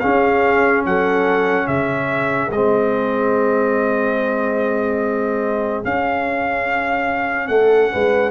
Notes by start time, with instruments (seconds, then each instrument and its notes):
0.00 trombone C#4, tuba C#4, horn G#4, trumpet F5
0.86 tuba F#3, horn A4, trumpet F#5
1.66 tuba C#3, horn G#4, trumpet E5
2.51 tuba G#3, trombone C4, trumpet D#5
5.83 trombone C#4, tuba C#4, trumpet F5
7.48 tuba A3, horn A4, trumpet F#5
7.92 tuba G#3, horn B4